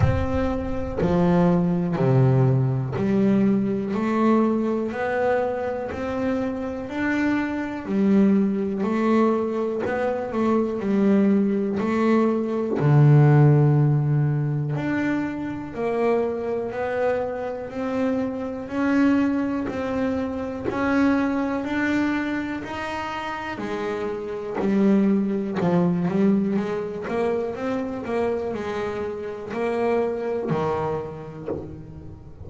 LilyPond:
\new Staff \with { instrumentName = "double bass" } { \time 4/4 \tempo 4 = 61 c'4 f4 c4 g4 | a4 b4 c'4 d'4 | g4 a4 b8 a8 g4 | a4 d2 d'4 |
ais4 b4 c'4 cis'4 | c'4 cis'4 d'4 dis'4 | gis4 g4 f8 g8 gis8 ais8 | c'8 ais8 gis4 ais4 dis4 | }